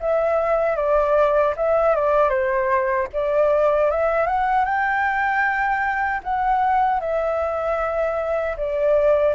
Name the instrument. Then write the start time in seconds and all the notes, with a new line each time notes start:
flute
0.00 E5
0.76 D5
1.57 E5
1.95 D5
2.29 C5
3.13 D5
3.90 E5
4.26 F#5
4.65 G5
6.23 F#5
7.00 E5
8.57 D5